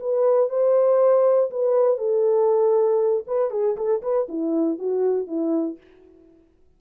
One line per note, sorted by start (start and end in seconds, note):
0.00 0.50 B4
0.50 1.50 C5
1.51 1.98 B4
1.98 3.24 A4
3.27 3.51 B4
3.51 3.76 G#4
3.77 4.02 A4
4.02 4.28 B4
4.29 4.79 E4
4.79 5.27 F#4
5.27 5.78 E4